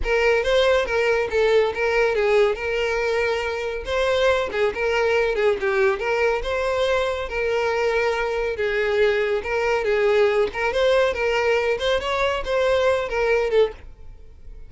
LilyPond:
\new Staff \with { instrumentName = "violin" } { \time 4/4 \tempo 4 = 140 ais'4 c''4 ais'4 a'4 | ais'4 gis'4 ais'2~ | ais'4 c''4. gis'8 ais'4~ | ais'8 gis'8 g'4 ais'4 c''4~ |
c''4 ais'2. | gis'2 ais'4 gis'4~ | gis'8 ais'8 c''4 ais'4. c''8 | cis''4 c''4. ais'4 a'8 | }